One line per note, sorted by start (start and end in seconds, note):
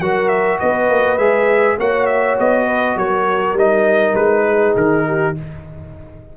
0.00 0.59 F#3
0.00 1.18 F#4
0.00 0.59 A#4
0.00 0.28 F#5
0.28 0.58 E5
0.59 0.89 B3
0.59 1.78 B4
0.59 1.17 D#5
0.89 1.17 A#3
1.17 1.77 G#3
1.17 1.78 G#4
1.17 1.77 E5
1.78 2.38 A#3
1.78 3.57 F#4
1.78 2.66 C#5
1.78 2.06 F#5
2.06 2.35 E5
2.38 2.96 B3
2.38 2.97 D#5
2.66 2.95 B4
2.96 3.53 F#3
2.96 4.46 A#4
2.96 3.57 C#5
3.53 4.13 G3
3.53 5.35 D#4
3.53 4.15 D#5
4.14 4.74 G#3
4.14 4.74 B4
4.47 5.07 G#4
4.75 5.35 D#3
4.75 5.36 A#4
5.07 5.36 G4